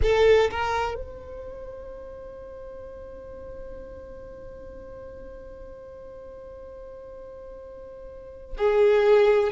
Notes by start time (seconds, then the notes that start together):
0.02 A4
0.51 A#4
0.94 C5
8.57 G#4